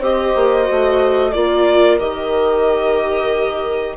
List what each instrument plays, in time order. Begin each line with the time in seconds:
0.00 bassoon C4, viola G4, horn C5, violin D#5
0.35 bassoon A#3
0.63 viola F#4
0.71 bassoon A3
1.32 bassoon A#3, viola F4, horn A#4, violin D5
1.99 bassoon D#3, viola G4, violin D#5